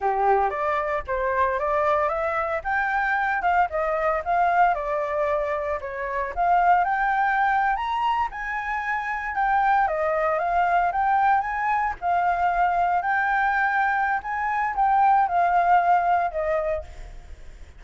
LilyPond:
\new Staff \with { instrumentName = "flute" } { \time 4/4 \tempo 4 = 114 g'4 d''4 c''4 d''4 | e''4 g''4. f''8 dis''4 | f''4 d''2 cis''4 | f''4 g''4.~ g''16 ais''4 gis''16~ |
gis''4.~ gis''16 g''4 dis''4 f''16~ | f''8. g''4 gis''4 f''4~ f''16~ | f''8. g''2~ g''16 gis''4 | g''4 f''2 dis''4 | }